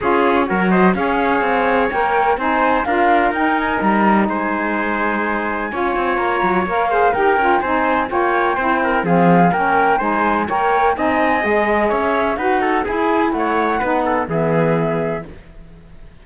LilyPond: <<
  \new Staff \with { instrumentName = "flute" } { \time 4/4 \tempo 4 = 126 cis''4. dis''8 f''2 | g''4 gis''4 f''4 g''8 gis''8 | ais''4 gis''2.~ | gis''4 ais''4 f''4 g''4 |
gis''4 g''2 f''4 | g''4 gis''4 g''4 gis''4 | dis''4 e''4 fis''4 gis''4 | fis''2 e''2 | }
  \new Staff \with { instrumentName = "trumpet" } { \time 4/4 gis'4 ais'8 c''8 cis''2~ | cis''4 c''4 ais'2~ | ais'4 c''2. | cis''2~ cis''8 c''8 ais'4 |
c''4 cis''4 c''8 ais'8 gis'4 | ais'4 c''4 cis''4 dis''4~ | dis''4 cis''4 b'8 a'8 gis'4 | cis''4 b'8 a'8 gis'2 | }
  \new Staff \with { instrumentName = "saxophone" } { \time 4/4 f'4 fis'4 gis'2 | ais'4 dis'4 f'4 dis'4~ | dis'1 | f'2 ais'8 gis'8 g'8 f'8 |
dis'4 f'4 e'4 c'4 | cis'4 dis'4 ais'4 dis'4 | gis'2 fis'4 e'4~ | e'4 dis'4 b2 | }
  \new Staff \with { instrumentName = "cello" } { \time 4/4 cis'4 fis4 cis'4 c'4 | ais4 c'4 d'4 dis'4 | g4 gis2. | cis'8 c'8 ais8 fis8 ais4 dis'8 cis'8 |
c'4 ais4 c'4 f4 | ais4 gis4 ais4 c'4 | gis4 cis'4 dis'4 e'4 | a4 b4 e2 | }
>>